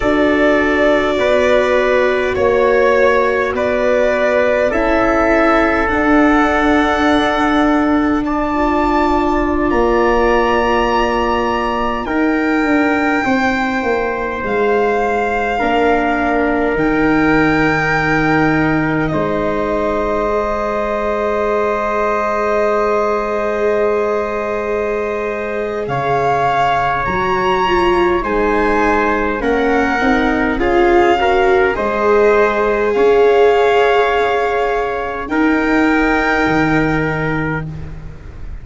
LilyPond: <<
  \new Staff \with { instrumentName = "violin" } { \time 4/4 \tempo 4 = 51 d''2 cis''4 d''4 | e''4 fis''2 a''4~ | a''16 ais''2 g''4.~ g''16~ | g''16 f''2 g''4.~ g''16~ |
g''16 dis''2.~ dis''8.~ | dis''2 f''4 ais''4 | gis''4 fis''4 f''4 dis''4 | f''2 g''2 | }
  \new Staff \with { instrumentName = "trumpet" } { \time 4/4 a'4 b'4 cis''4 b'4 | a'2. d''4~ | d''2~ d''16 ais'4 c''8.~ | c''4~ c''16 ais'2~ ais'8.~ |
ais'16 c''2.~ c''8.~ | c''2 cis''2 | c''4 ais'4 gis'8 ais'8 c''4 | cis''2 ais'2 | }
  \new Staff \with { instrumentName = "viola" } { \time 4/4 fis'1 | e'4 d'2~ d'16 f'8.~ | f'2~ f'16 dis'4.~ dis'16~ | dis'4~ dis'16 d'4 dis'4.~ dis'16~ |
dis'4~ dis'16 gis'2~ gis'8.~ | gis'2. fis'8 f'8 | dis'4 cis'8 dis'8 f'8 fis'8 gis'4~ | gis'2 dis'2 | }
  \new Staff \with { instrumentName = "tuba" } { \time 4/4 d'4 b4 ais4 b4 | cis'4 d'2.~ | d'16 ais2 dis'8 d'8 c'8 ais16~ | ais16 gis4 ais4 dis4.~ dis16~ |
dis16 gis2.~ gis8.~ | gis2 cis4 fis4 | gis4 ais8 c'8 cis'4 gis4 | cis'2 dis'4 dis4 | }
>>